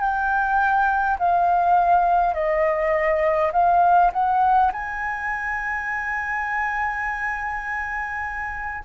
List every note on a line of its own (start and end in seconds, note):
0.00 1.18 G5
1.19 2.34 F5
2.34 3.51 D#5
3.52 4.11 F5
4.12 4.71 F#5
4.72 8.84 G#5